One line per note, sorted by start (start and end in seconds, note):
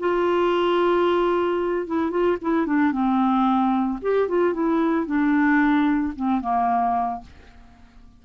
0.00 1.87 F4
1.87 2.11 E4
2.11 2.37 F4
2.42 2.67 E4
2.67 2.92 D4
2.92 3.99 C4
4.02 4.29 G4
4.29 4.54 F4
4.54 5.06 E4
5.06 6.14 D4
6.16 6.41 C4
6.41 7.22 A#3